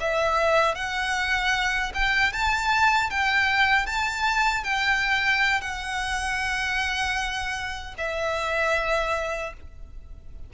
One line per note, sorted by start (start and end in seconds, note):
0.00 0.75 E5
0.75 1.92 F#5
1.94 2.32 G5
2.32 3.10 A5
3.10 3.86 G5
3.86 4.64 A5
4.64 5.61 G5
5.61 7.94 F#5
7.98 9.53 E5